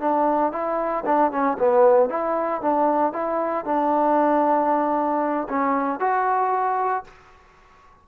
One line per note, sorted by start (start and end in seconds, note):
0.00 0.52 D4
0.52 1.04 E4
1.06 1.32 D4
1.32 1.58 C#4
1.59 2.09 B3
2.09 2.62 E4
2.62 3.13 D4
3.13 3.65 E4
3.65 5.48 D4
5.49 6.00 C#4
6.00 7.04 F#4